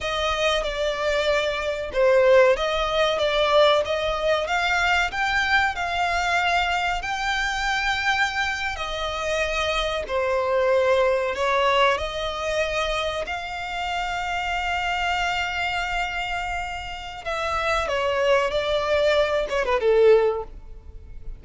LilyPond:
\new Staff \with { instrumentName = "violin" } { \time 4/4 \tempo 4 = 94 dis''4 d''2 c''4 | dis''4 d''4 dis''4 f''4 | g''4 f''2 g''4~ | g''4.~ g''16 dis''2 c''16~ |
c''4.~ c''16 cis''4 dis''4~ dis''16~ | dis''8. f''2.~ f''16~ | f''2. e''4 | cis''4 d''4. cis''16 b'16 a'4 | }